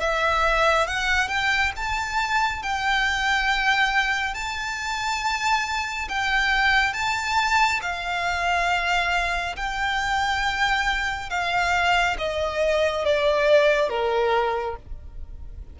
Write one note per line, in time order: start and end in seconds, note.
0.00 0.87 E5
0.87 1.28 F#5
1.28 1.72 G5
1.76 2.62 A5
2.62 4.34 G5
4.34 6.08 A5
6.08 6.93 G5
6.93 7.80 A5
7.82 9.56 F5
9.56 11.30 G5
11.30 12.17 F5
12.18 13.05 D#5
13.05 13.89 D5
13.89 14.76 A#4